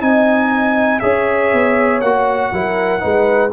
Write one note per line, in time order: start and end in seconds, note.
0.00 1.02 C4
0.00 1.00 D#4
0.00 1.00 G#5
0.06 1.02 D#5
1.00 1.53 C#4
1.00 2.02 G#4
1.00 2.52 C#5
1.00 2.00 E5
1.53 2.02 B3
2.01 2.52 A#3
2.01 2.53 F#4
2.01 3.51 F#5
2.53 3.03 F#3
2.53 3.00 E4
2.53 3.02 A#4
3.00 3.53 G#3
3.00 3.50 D#4
3.00 3.52 B4